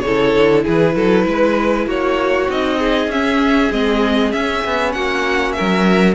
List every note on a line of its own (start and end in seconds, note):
0.00 0.35 C#3
0.00 0.64 A4
0.00 0.61 C#5
0.07 2.49 E4
0.35 0.66 D3
0.64 0.95 E3
0.64 0.95 G#4
0.64 1.89 B4
0.95 1.26 F#3
0.95 1.26 A4
1.26 1.86 G#3
1.26 1.87 B4
1.86 2.48 A#3
1.86 2.78 F#4
1.86 2.51 C#5
2.49 3.07 C4
2.49 3.11 D#4
2.49 3.11 D#5
2.78 4.93 G#4
3.07 3.69 C#4
3.07 3.72 C#4
3.07 3.72 E5
3.72 4.33 G#3
3.72 4.32 C4
3.72 4.32 D#5
4.32 6.15 C#4
4.32 4.64 C#4
4.32 4.92 E5
4.65 4.95 B3
4.92 5.57 A#3
4.92 5.56 F#4
4.92 5.52 F#5
5.52 6.15 A#4
5.52 6.14 E5
5.60 6.15 F#3